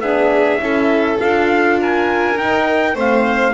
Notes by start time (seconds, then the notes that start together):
0.00 B3 D4 G#4 E5
0.59 C#4 E4 A4
1.18 D4 F4 F5
1.80 A#4 G#5
2.37 D#4 G5
2.94 A3 C4 C5 F5